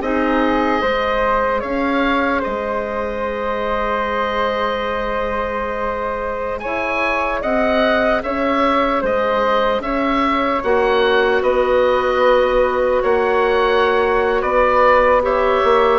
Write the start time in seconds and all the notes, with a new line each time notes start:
0.00 C4 D#4 G#4 D#5
0.81 G#3 G#4 C5
1.60 C#4 C#5 F5
2.40 G#3 C5 D#5
6.59 E4 C#5 G#5
7.42 C4 D#5 F#5
8.23 C#4 C#5 E5
9.01 G#3 C5 D#5
9.79 C#4 C#5 E5
10.63 A#3 F#4 F#5
11.42 B3 B4 D#5
13.02 A#3 C#5 F#5
14.41 B3 B4 D5
15.22 G4 C#5 E5
15.63 A#3